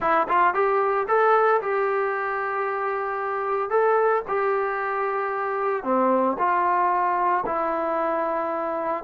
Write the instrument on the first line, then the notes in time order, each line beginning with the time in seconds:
trombone
0.00 E4
0.28 F4
0.53 G4
1.08 A4
1.61 G4
3.70 A4
4.28 G4
5.83 C4
6.38 F4
7.46 E4